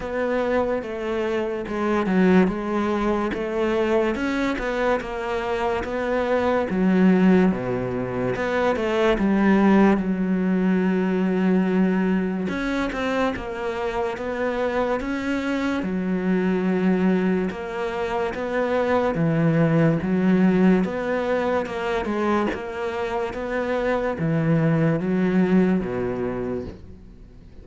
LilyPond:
\new Staff \with { instrumentName = "cello" } { \time 4/4 \tempo 4 = 72 b4 a4 gis8 fis8 gis4 | a4 cis'8 b8 ais4 b4 | fis4 b,4 b8 a8 g4 | fis2. cis'8 c'8 |
ais4 b4 cis'4 fis4~ | fis4 ais4 b4 e4 | fis4 b4 ais8 gis8 ais4 | b4 e4 fis4 b,4 | }